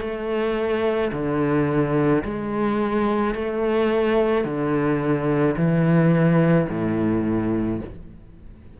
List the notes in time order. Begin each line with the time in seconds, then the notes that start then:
0.00 A3
1.12 D3
2.24 G#3
3.34 A3
4.44 D3
5.57 E3
6.69 A2